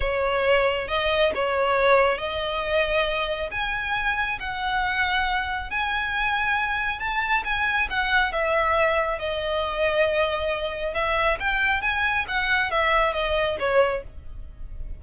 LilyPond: \new Staff \with { instrumentName = "violin" } { \time 4/4 \tempo 4 = 137 cis''2 dis''4 cis''4~ | cis''4 dis''2. | gis''2 fis''2~ | fis''4 gis''2. |
a''4 gis''4 fis''4 e''4~ | e''4 dis''2.~ | dis''4 e''4 g''4 gis''4 | fis''4 e''4 dis''4 cis''4 | }